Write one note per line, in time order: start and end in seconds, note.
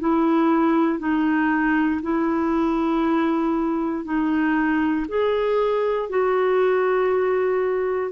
0.00 0.99 E4
0.99 2.01 D#4
2.02 4.05 E4
4.05 5.07 D#4
5.08 6.10 G#4
6.10 8.12 F#4